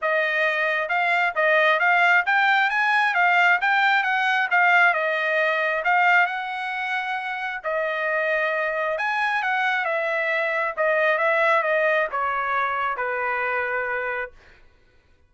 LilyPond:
\new Staff \with { instrumentName = "trumpet" } { \time 4/4 \tempo 4 = 134 dis''2 f''4 dis''4 | f''4 g''4 gis''4 f''4 | g''4 fis''4 f''4 dis''4~ | dis''4 f''4 fis''2~ |
fis''4 dis''2. | gis''4 fis''4 e''2 | dis''4 e''4 dis''4 cis''4~ | cis''4 b'2. | }